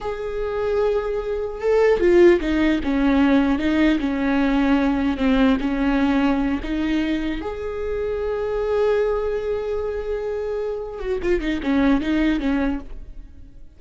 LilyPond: \new Staff \with { instrumentName = "viola" } { \time 4/4 \tempo 4 = 150 gis'1 | a'4 f'4 dis'4 cis'4~ | cis'4 dis'4 cis'2~ | cis'4 c'4 cis'2~ |
cis'8 dis'2 gis'4.~ | gis'1~ | gis'2.~ gis'8 fis'8 | f'8 dis'8 cis'4 dis'4 cis'4 | }